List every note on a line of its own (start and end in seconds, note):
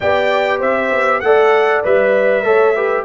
0.00 0.62 B3
0.00 1.23 G4
0.00 0.58 D5
0.00 0.60 G5
0.58 0.91 C4
0.58 1.19 C5
0.58 1.20 E5
0.91 1.22 B3
1.20 1.83 A3
1.20 1.84 A4
1.20 2.45 D5
1.20 1.81 F#5
1.84 2.43 G3
1.84 2.43 B4
1.84 3.04 E5
2.43 3.04 A3
2.43 2.74 A4
2.43 2.75 C#5
2.75 3.04 G4
2.75 3.04 B4